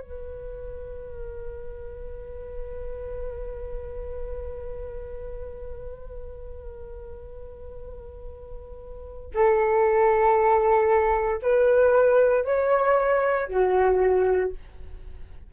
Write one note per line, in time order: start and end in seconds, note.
0.00 9.31 B4
9.34 11.41 A4
11.42 12.45 B4
12.45 13.47 C#5
13.47 14.51 F#4